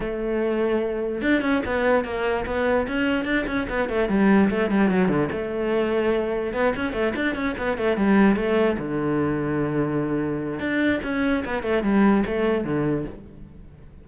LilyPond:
\new Staff \with { instrumentName = "cello" } { \time 4/4 \tempo 4 = 147 a2. d'8 cis'8 | b4 ais4 b4 cis'4 | d'8 cis'8 b8 a8 g4 a8 g8 | fis8 d8 a2. |
b8 cis'8 a8 d'8 cis'8 b8 a8 g8~ | g8 a4 d2~ d8~ | d2 d'4 cis'4 | b8 a8 g4 a4 d4 | }